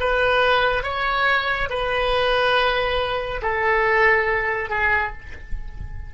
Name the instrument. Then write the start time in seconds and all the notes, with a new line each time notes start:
oboe
0.00 B4
0.83 C#5
1.69 B4
3.42 A4
4.69 G#4